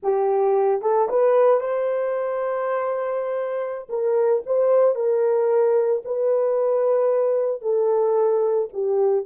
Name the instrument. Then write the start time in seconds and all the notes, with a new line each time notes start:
horn
0.02 G4
0.81 A4
1.09 B4
1.60 C5
3.89 A#4
4.46 C5
4.95 A#4
6.05 B4
7.61 A4
8.73 G4